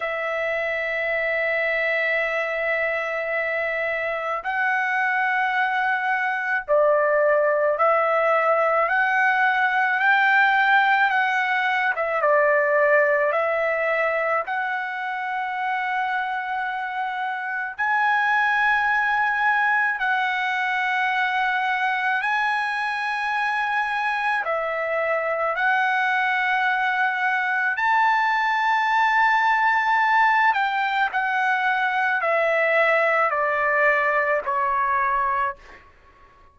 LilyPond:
\new Staff \with { instrumentName = "trumpet" } { \time 4/4 \tempo 4 = 54 e''1 | fis''2 d''4 e''4 | fis''4 g''4 fis''8. e''16 d''4 | e''4 fis''2. |
gis''2 fis''2 | gis''2 e''4 fis''4~ | fis''4 a''2~ a''8 g''8 | fis''4 e''4 d''4 cis''4 | }